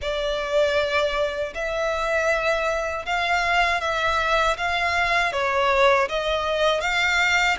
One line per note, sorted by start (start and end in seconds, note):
0.01 1.53 D5
1.54 3.05 E5
3.05 3.80 F5
3.80 4.56 E5
4.57 5.32 F5
5.32 6.08 C#5
6.08 6.80 D#5
6.80 7.56 F5